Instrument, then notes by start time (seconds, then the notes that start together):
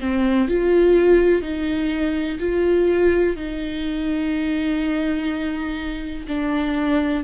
viola
0.00 C4
0.48 F4
1.42 D#4
2.40 F4
3.37 D#4
6.28 D4